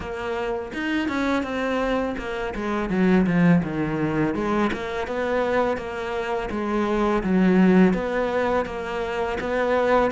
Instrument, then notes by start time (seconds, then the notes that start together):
cello
0.00 A#3
0.73 D#4
1.08 C#4
1.43 C4
2.18 A#3
2.55 G#3
2.89 F#3
3.26 F3
3.63 D#3
4.34 G#3
4.73 A#3
5.07 B3
5.77 A#3
6.50 G#3
7.23 F#3
7.93 B3
8.65 A#3
9.40 B3